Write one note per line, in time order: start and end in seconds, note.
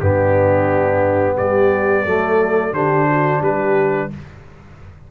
0.00 1.37 G2
0.00 2.06 B3
0.00 1.35 D4
0.00 1.36 G4
1.35 2.05 G3
1.35 2.03 G4
1.35 2.74 D5
2.05 2.72 F#3
2.05 2.74 A3
2.05 2.74 A4
2.72 3.40 D3
2.72 4.10 D4
2.72 3.08 G4
2.72 3.42 C5
3.09 3.40 F#4
3.40 4.10 G3
3.40 4.09 G4
3.40 4.11 B4